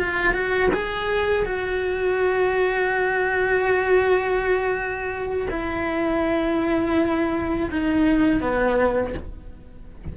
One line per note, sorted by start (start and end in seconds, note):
0.00 0.34 F4
0.34 0.70 F#4
0.74 1.46 G#4
1.46 5.48 F#4
5.51 7.70 E4
7.71 8.41 D#4
8.41 9.14 B3